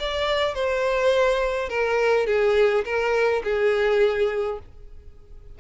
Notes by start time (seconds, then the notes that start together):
0.00 D5
0.55 C5
1.70 A#4
2.27 G#4
2.85 A#4
3.44 G#4